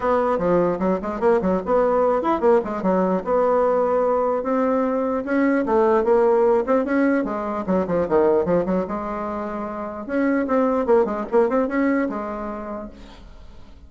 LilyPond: \new Staff \with { instrumentName = "bassoon" } { \time 4/4 \tempo 4 = 149 b4 f4 fis8 gis8 ais8 fis8 | b4. e'8 ais8 gis8 fis4 | b2. c'4~ | c'4 cis'4 a4 ais4~ |
ais8 c'8 cis'4 gis4 fis8 f8 | dis4 f8 fis8 gis2~ | gis4 cis'4 c'4 ais8 gis8 | ais8 c'8 cis'4 gis2 | }